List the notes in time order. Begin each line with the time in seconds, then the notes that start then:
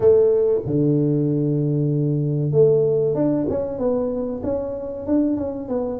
0.00 A3
0.66 D3
2.51 A3
3.14 D4
3.49 C#4
3.78 B3
4.43 C#4
5.06 D4
5.36 C#4
5.68 B3